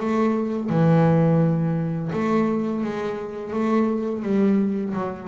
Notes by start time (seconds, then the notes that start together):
0.00 A3
0.70 E3
2.13 A3
2.84 G#3
3.53 A3
4.23 G3
4.94 F#3